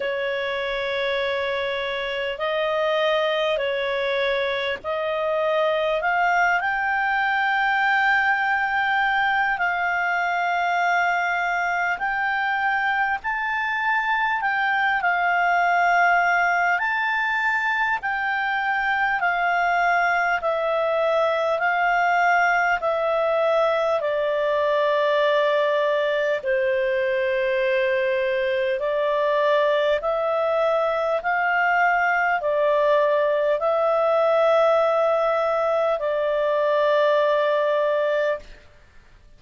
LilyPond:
\new Staff \with { instrumentName = "clarinet" } { \time 4/4 \tempo 4 = 50 cis''2 dis''4 cis''4 | dis''4 f''8 g''2~ g''8 | f''2 g''4 a''4 | g''8 f''4. a''4 g''4 |
f''4 e''4 f''4 e''4 | d''2 c''2 | d''4 e''4 f''4 d''4 | e''2 d''2 | }